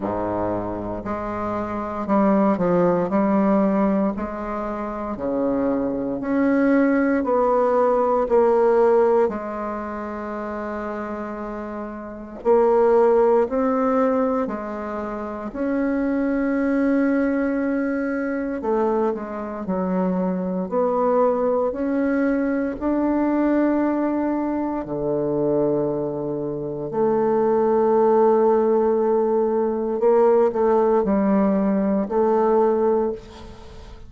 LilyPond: \new Staff \with { instrumentName = "bassoon" } { \time 4/4 \tempo 4 = 58 gis,4 gis4 g8 f8 g4 | gis4 cis4 cis'4 b4 | ais4 gis2. | ais4 c'4 gis4 cis'4~ |
cis'2 a8 gis8 fis4 | b4 cis'4 d'2 | d2 a2~ | a4 ais8 a8 g4 a4 | }